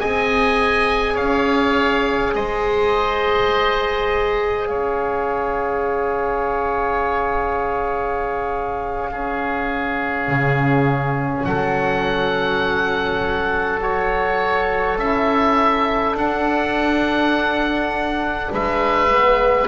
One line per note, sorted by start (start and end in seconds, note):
0.00 1.18 C4
0.00 9.12 G#4
0.00 1.13 D#5
0.00 1.17 G#5
1.13 2.34 C#4
1.13 2.31 C#5
1.13 2.34 F5
2.34 4.69 G#3
2.34 4.69 C5
2.34 4.67 D#5
4.67 10.28 C#4
4.67 9.10 C#5
4.67 11.44 F5
9.11 13.81 C#4
9.11 11.47 G#4
10.28 11.45 C#3
11.45 14.98 F#3
11.45 18.52 A4
11.45 13.80 F#5
13.81 14.99 F#4
13.81 14.99 C#5
14.98 16.14 C#4
14.98 16.16 E4
14.98 16.17 E5
16.14 18.49 D4
16.14 19.10 D4
16.14 18.53 F#5
18.52 19.68 G#3
18.52 19.68 B4
18.52 19.68 E5
19.10 19.68 B3